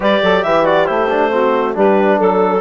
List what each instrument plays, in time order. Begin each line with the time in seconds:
0.00 bassoon G3, trombone G4, saxophone B4, clarinet D5
0.22 bassoon F#3, saxophone A4
0.42 bassoon E3, saxophone G4, clarinet E5
0.64 trombone F#4, clarinet D5
0.85 bassoon A3, trombone E4, clarinet C5
1.09 trombone D4
1.30 trombone C4, saxophone F#4
1.74 bassoon G3, trombone D4, saxophone G4, clarinet B4
2.17 bassoon F#3, saxophone A4, clarinet A4